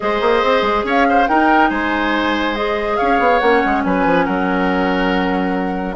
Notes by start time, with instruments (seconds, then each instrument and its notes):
0.00 bassoon G#3, clarinet G#4, oboe C5, flute D#5
0.20 bassoon A#3
0.43 bassoon C4
0.62 bassoon G#3
0.84 bassoon C#4, oboe C#5, flute F5
1.09 oboe C5
1.27 bassoon D#4, clarinet D#4, oboe A#4, flute G5
1.69 bassoon G#3, oboe C5, flute G#5
2.54 clarinet G#4, flute D#5
2.97 bassoon C#4, oboe C#5, flute F5
3.19 bassoon B3
3.39 bassoon A#3, clarinet C#4, flute F#5
3.65 bassoon G#3
3.83 bassoon F#3, oboe B4, flute G#5
4.05 bassoon F3
4.24 bassoon F#3, oboe A#4, flute F#5